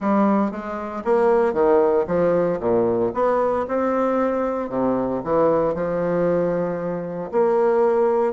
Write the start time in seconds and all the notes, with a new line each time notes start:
0.00 G3
0.51 G#3
1.04 A#3
1.53 D#3
2.07 F3
2.59 A#2
3.14 B3
3.68 C4
4.69 C3
5.24 E3
5.74 F3
7.31 A#3